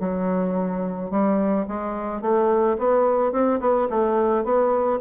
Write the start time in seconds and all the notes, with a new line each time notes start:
0.00 F#3
1.11 G3
1.68 G#3
2.22 A3
2.79 B3
3.32 C4
3.60 B3
3.90 A3
4.44 B3